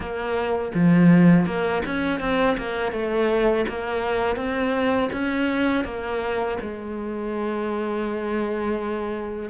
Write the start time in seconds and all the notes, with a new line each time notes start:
0.00 A#3
0.74 F3
1.46 A#3
1.85 C#4
2.20 C4
2.57 A#3
2.92 A3
3.68 A#3
4.36 C4
5.12 C#4
5.84 A#3
6.61 G#3